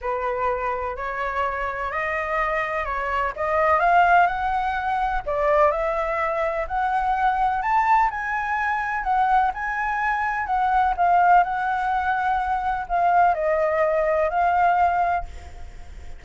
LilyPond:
\new Staff \with { instrumentName = "flute" } { \time 4/4 \tempo 4 = 126 b'2 cis''2 | dis''2 cis''4 dis''4 | f''4 fis''2 d''4 | e''2 fis''2 |
a''4 gis''2 fis''4 | gis''2 fis''4 f''4 | fis''2. f''4 | dis''2 f''2 | }